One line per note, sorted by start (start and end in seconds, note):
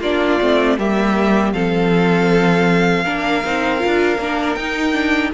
0.00 0.38 A#3
0.00 0.40 D4
0.00 0.76 F4
0.00 0.79 D5
0.40 0.78 A3
0.40 0.78 C4
0.78 1.53 G3
0.78 1.54 A#3
0.78 1.54 G4
0.78 1.53 E5
1.53 3.05 F3
1.53 3.05 C4
1.53 3.04 A4
1.53 4.55 F5
3.04 3.44 A#3
3.04 3.43 D4
3.04 5.31 A#4
3.45 3.83 C4
3.45 3.78 D#4
3.78 4.16 F4
3.86 4.18 D4
4.18 4.56 A#3
4.18 4.58 D4
4.55 5.32 D#4
4.55 4.93 D#4
4.55 5.31 G5
4.93 5.31 D4